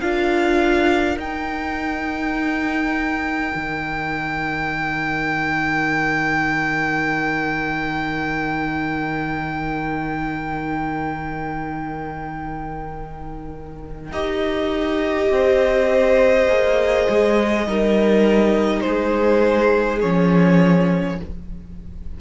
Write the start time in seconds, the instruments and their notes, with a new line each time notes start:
0.00 cello D4, viola F4, violin A#4 F5
1.17 cello D#4, viola D#4, violin G5
3.55 cello D#3
14.12 cello D#4, viola G4, violin D#5
15.30 cello C4, violin C5
16.48 cello A#3, viola G#4
17.09 cello G#3
17.67 cello G3, viola D#4, violin A#4
18.81 cello G#3, violin G#4 C5
20.01 cello F3, viola C#4, violin C#5